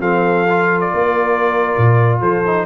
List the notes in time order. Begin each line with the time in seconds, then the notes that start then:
0.00 F3 C4 A4 F5
0.49 F4
0.81 D5
0.94 A#3 A#4
1.78 A#2
2.21 F3 A4 C5
2.45 D#4